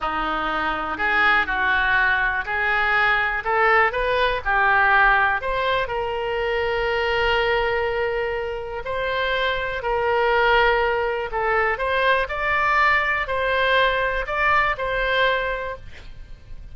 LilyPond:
\new Staff \with { instrumentName = "oboe" } { \time 4/4 \tempo 4 = 122 dis'2 gis'4 fis'4~ | fis'4 gis'2 a'4 | b'4 g'2 c''4 | ais'1~ |
ais'2 c''2 | ais'2. a'4 | c''4 d''2 c''4~ | c''4 d''4 c''2 | }